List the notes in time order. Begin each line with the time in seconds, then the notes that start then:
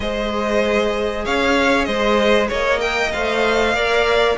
0.00 G#3 G#4 C5 D#5
1.24 C#4 C#5 F5
1.84 G#3 C5 D#5
2.48 A#3 C#5 D#5
2.80 A#4 G5
3.12 A3 C5 F5
3.74 A#3 A#4 D5